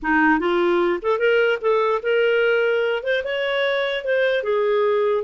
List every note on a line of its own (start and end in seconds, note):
0.02 0.39 D#4
0.39 1.00 F4
1.01 1.18 A4
1.18 1.59 A#4
1.61 2.01 A4
2.02 3.03 A#4
3.03 3.23 C5
3.23 4.04 C#5
4.04 4.43 C5
4.43 5.23 G#4